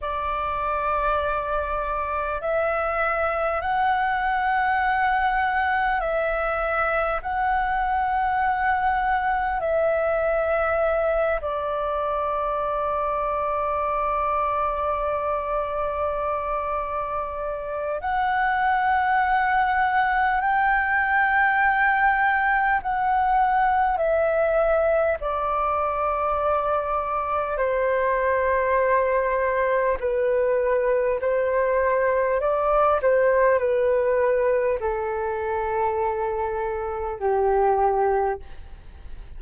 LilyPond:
\new Staff \with { instrumentName = "flute" } { \time 4/4 \tempo 4 = 50 d''2 e''4 fis''4~ | fis''4 e''4 fis''2 | e''4. d''2~ d''8~ | d''2. fis''4~ |
fis''4 g''2 fis''4 | e''4 d''2 c''4~ | c''4 b'4 c''4 d''8 c''8 | b'4 a'2 g'4 | }